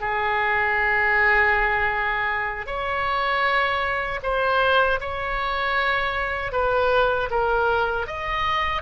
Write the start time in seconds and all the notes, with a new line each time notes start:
0.00 G#4
2.66 C#5
4.23 C5
5.00 C#5
6.52 B4
7.30 A#4
8.07 D#5